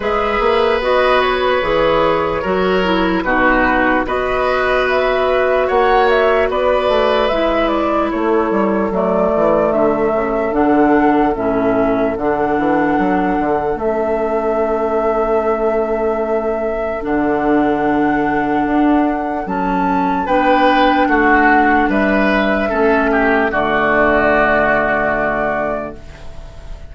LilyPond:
<<
  \new Staff \with { instrumentName = "flute" } { \time 4/4 \tempo 4 = 74 e''4 dis''8 cis''2~ cis''8 | b'4 dis''4 e''4 fis''8 e''8 | d''4 e''8 d''8 cis''4 d''4 | e''4 fis''4 e''4 fis''4~ |
fis''4 e''2.~ | e''4 fis''2. | a''4 g''4 fis''4 e''4~ | e''4 d''2. | }
  \new Staff \with { instrumentName = "oboe" } { \time 4/4 b'2. ais'4 | fis'4 b'2 cis''4 | b'2 a'2~ | a'1~ |
a'1~ | a'1~ | a'4 b'4 fis'4 b'4 | a'8 g'8 fis'2. | }
  \new Staff \with { instrumentName = "clarinet" } { \time 4/4 gis'4 fis'4 gis'4 fis'8 e'8 | dis'4 fis'2.~ | fis'4 e'2 a4~ | a4 d'4 cis'4 d'4~ |
d'4 cis'2.~ | cis'4 d'2. | cis'4 d'2. | cis'4 a2. | }
  \new Staff \with { instrumentName = "bassoon" } { \time 4/4 gis8 ais8 b4 e4 fis4 | b,4 b2 ais4 | b8 a8 gis4 a8 g8 fis8 e8 | d8 cis8 d4 a,4 d8 e8 |
fis8 d8 a2.~ | a4 d2 d'4 | fis4 b4 a4 g4 | a4 d2. | }
>>